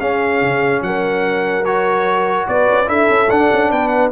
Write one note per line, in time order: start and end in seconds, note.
0.00 1.64 C#4
0.00 0.41 C#4
0.00 0.82 G#4
0.00 0.82 F5
0.41 0.82 C#3
0.82 2.46 F#3
0.82 2.48 A#4
0.82 1.65 F#5
1.65 2.85 F#4
1.65 2.47 C#5
2.48 2.68 B3
2.48 2.89 B4
2.48 2.89 D5
2.69 2.88 C#4
2.85 3.08 D4
2.85 3.26 E4
2.85 3.70 A4
2.85 3.30 E5
3.09 3.29 C#4
3.30 3.51 D4
3.30 4.11 D4
3.30 3.71 F#5
3.52 3.71 C#4
3.70 4.11 B3
3.70 4.11 B4
3.70 3.88 G5
3.88 4.08 F#5